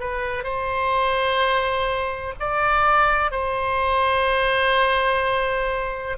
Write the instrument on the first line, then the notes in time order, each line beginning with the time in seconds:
oboe
0.00 B4
0.44 C5
2.40 D5
3.32 C5